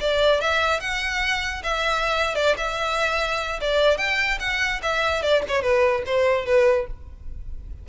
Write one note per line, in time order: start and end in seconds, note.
0.00 0.41 D5
0.41 0.80 E5
0.80 1.63 F#5
1.63 2.35 E5
2.35 2.56 D5
2.57 3.60 E5
3.61 3.98 D5
3.98 4.39 G5
4.40 4.81 F#5
4.83 5.22 E5
5.22 5.43 D5
5.48 5.62 C#5
5.62 6.03 B4
6.06 6.46 C5
6.46 6.87 B4